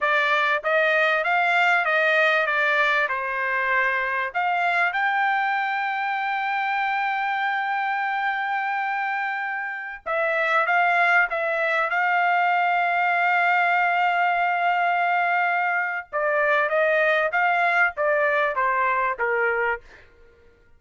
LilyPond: \new Staff \with { instrumentName = "trumpet" } { \time 4/4 \tempo 4 = 97 d''4 dis''4 f''4 dis''4 | d''4 c''2 f''4 | g''1~ | g''1~ |
g''16 e''4 f''4 e''4 f''8.~ | f''1~ | f''2 d''4 dis''4 | f''4 d''4 c''4 ais'4 | }